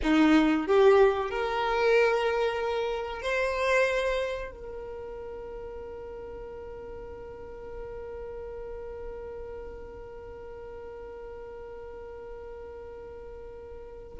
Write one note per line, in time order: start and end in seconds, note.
0.02 0.66 D#4
0.66 1.30 G4
1.30 3.22 A#4
3.22 4.51 C5
4.51 14.18 A#4